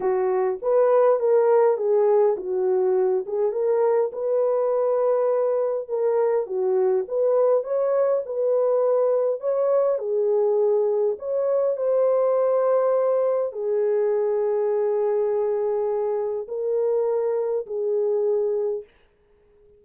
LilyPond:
\new Staff \with { instrumentName = "horn" } { \time 4/4 \tempo 4 = 102 fis'4 b'4 ais'4 gis'4 | fis'4. gis'8 ais'4 b'4~ | b'2 ais'4 fis'4 | b'4 cis''4 b'2 |
cis''4 gis'2 cis''4 | c''2. gis'4~ | gis'1 | ais'2 gis'2 | }